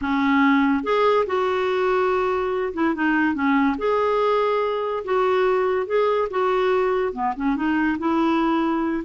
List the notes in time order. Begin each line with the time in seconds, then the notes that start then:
0.01 C#4
0.83 G#4
1.26 F#4
2.73 E4
2.94 D#4
3.34 C#4
3.77 G#4
5.04 F#4
5.86 G#4
6.30 F#4
7.12 B3
7.36 C#4
7.55 D#4
7.98 E4